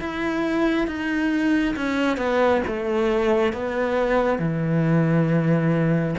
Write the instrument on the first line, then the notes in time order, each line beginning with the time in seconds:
cello
0.00 E4
0.87 D#4
1.76 C#4
2.17 B3
2.67 A3
3.53 B3
4.39 E3